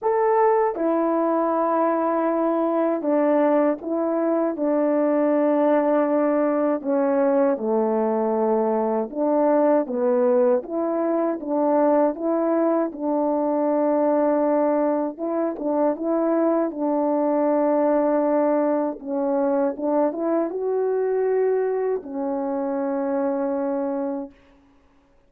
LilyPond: \new Staff \with { instrumentName = "horn" } { \time 4/4 \tempo 4 = 79 a'4 e'2. | d'4 e'4 d'2~ | d'4 cis'4 a2 | d'4 b4 e'4 d'4 |
e'4 d'2. | e'8 d'8 e'4 d'2~ | d'4 cis'4 d'8 e'8 fis'4~ | fis'4 cis'2. | }